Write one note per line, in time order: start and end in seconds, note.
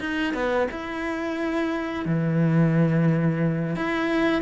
0.00 0.34 D#4
0.34 0.68 B3
0.71 2.05 E4
2.05 3.76 E3
3.76 4.42 E4